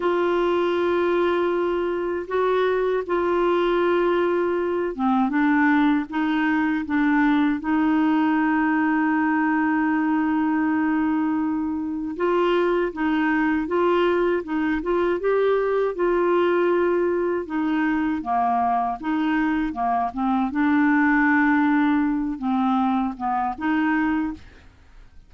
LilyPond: \new Staff \with { instrumentName = "clarinet" } { \time 4/4 \tempo 4 = 79 f'2. fis'4 | f'2~ f'8 c'8 d'4 | dis'4 d'4 dis'2~ | dis'1 |
f'4 dis'4 f'4 dis'8 f'8 | g'4 f'2 dis'4 | ais4 dis'4 ais8 c'8 d'4~ | d'4. c'4 b8 dis'4 | }